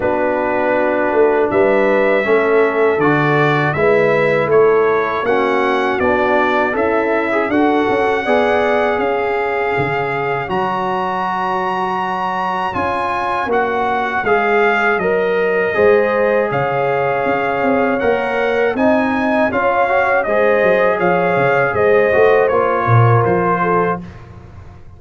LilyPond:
<<
  \new Staff \with { instrumentName = "trumpet" } { \time 4/4 \tempo 4 = 80 b'2 e''2 | d''4 e''4 cis''4 fis''4 | d''4 e''4 fis''2 | f''2 ais''2~ |
ais''4 gis''4 fis''4 f''4 | dis''2 f''2 | fis''4 gis''4 f''4 dis''4 | f''4 dis''4 cis''4 c''4 | }
  \new Staff \with { instrumentName = "horn" } { \time 4/4 fis'2 b'4 a'4~ | a'4 b'4 a'4 fis'4~ | fis'4 e'4 a'4 d''4 | cis''1~ |
cis''1~ | cis''4 c''4 cis''2~ | cis''4 dis''4 cis''4 c''4 | cis''4 c''4. ais'4 a'8 | }
  \new Staff \with { instrumentName = "trombone" } { \time 4/4 d'2. cis'4 | fis'4 e'2 cis'4 | d'4 a'8. gis'16 fis'4 gis'4~ | gis'2 fis'2~ |
fis'4 f'4 fis'4 gis'4 | ais'4 gis'2. | ais'4 dis'4 f'8 fis'8 gis'4~ | gis'4. fis'8 f'2 | }
  \new Staff \with { instrumentName = "tuba" } { \time 4/4 b4. a8 g4 a4 | d4 gis4 a4 ais4 | b4 cis'4 d'8 cis'8 b4 | cis'4 cis4 fis2~ |
fis4 cis'4 ais4 gis4 | fis4 gis4 cis4 cis'8 c'8 | ais4 c'4 cis'4 gis8 fis8 | f8 cis8 gis8 a8 ais8 ais,8 f4 | }
>>